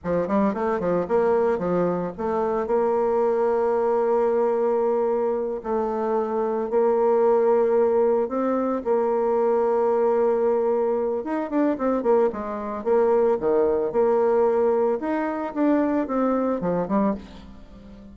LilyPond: \new Staff \with { instrumentName = "bassoon" } { \time 4/4 \tempo 4 = 112 f8 g8 a8 f8 ais4 f4 | a4 ais2.~ | ais2~ ais8 a4.~ | a8 ais2. c'8~ |
c'8 ais2.~ ais8~ | ais4 dis'8 d'8 c'8 ais8 gis4 | ais4 dis4 ais2 | dis'4 d'4 c'4 f8 g8 | }